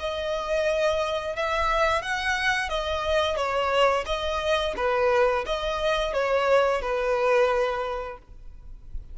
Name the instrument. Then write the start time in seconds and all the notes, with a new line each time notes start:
violin
0.00 D#5
1.36 E5
2.02 F#5
2.70 D#5
3.37 C#5
4.06 D#5
4.77 B4
5.47 D#5
6.14 C#5
6.82 B4